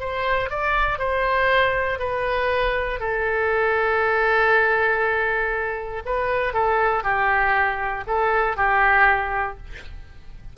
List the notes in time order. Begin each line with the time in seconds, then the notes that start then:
0.00 C5
0.50 D5
0.99 C5
1.99 B4
3.00 A4
6.05 B4
6.54 A4
7.04 G4
8.07 A4
8.57 G4